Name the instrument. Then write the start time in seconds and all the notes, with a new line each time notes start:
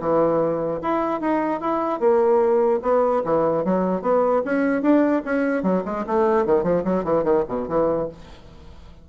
bassoon
0.00 E3
0.82 E4
1.20 D#4
1.61 E4
2.00 A#3
2.82 B3
3.24 E3
3.65 F#3
4.02 B3
4.45 C#4
4.82 D4
5.25 C#4
5.63 F#3
5.85 G#3
6.06 A3
6.45 D#3
6.63 F3
6.84 F#3
7.04 E3
7.23 D#3
7.48 B2
7.68 E3